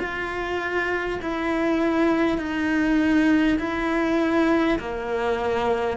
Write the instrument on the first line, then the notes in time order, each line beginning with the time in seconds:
cello
0.00 F4
1.22 E4
2.38 D#4
3.59 E4
4.79 A#3